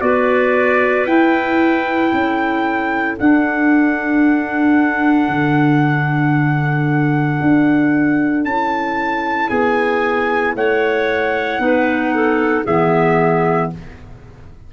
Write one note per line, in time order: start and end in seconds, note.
0.00 1.06 B3
0.00 1.05 F#4
0.00 2.12 B4
0.00 1.06 D5
1.06 2.11 E4
1.06 3.17 E4
1.06 3.17 G5
2.12 3.18 C#4
2.12 9.48 A4
3.18 8.43 D4
3.18 5.28 D4
3.18 8.44 F#5
5.28 7.39 D3
7.41 8.44 D4
8.43 9.49 C#4
8.43 11.59 E4
8.43 9.49 A5
9.48 10.55 B3
9.48 10.53 G#4
9.48 10.54 G#5
10.55 11.58 A3
10.55 11.62 C#5
10.55 12.66 F#5
11.58 12.64 B3
11.58 12.64 D#4
11.58 12.14 B4
12.14 12.64 A4
12.64 13.71 E3
12.64 13.73 B3
12.64 13.69 G#4
12.64 13.71 E5